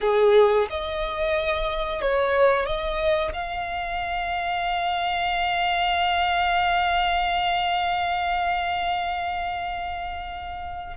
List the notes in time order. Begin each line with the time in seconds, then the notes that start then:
0.00 G#4
0.70 D#5
2.01 C#5
2.65 D#5
3.33 F5